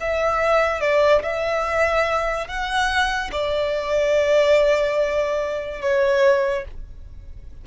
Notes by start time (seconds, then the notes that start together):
0.00 E5
0.81 D5
1.22 E5
2.47 F#5
3.31 D5
5.81 C#5